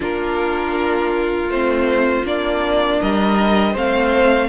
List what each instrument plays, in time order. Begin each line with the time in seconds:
0.00 cello A#3, viola D4, violin F4 A#4
1.48 cello A3, viola C4, violin C5
2.24 cello A#3, viola D4, violin D5
3.00 cello G3, violin A#4 D#5
3.72 cello A3, viola C4, violin C5 F5